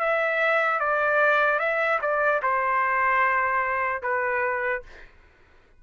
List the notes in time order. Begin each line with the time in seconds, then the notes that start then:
0.00 E5
0.80 D5
1.59 E5
2.02 D5
2.43 C5
4.03 B4